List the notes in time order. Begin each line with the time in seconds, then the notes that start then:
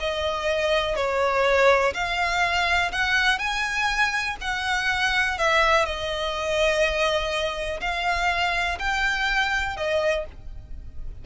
0.00 D#5
0.96 C#5
1.94 F5
2.92 F#5
3.39 G#5
4.41 F#5
5.38 E5
5.85 D#5
7.81 F5
8.79 G5
9.76 D#5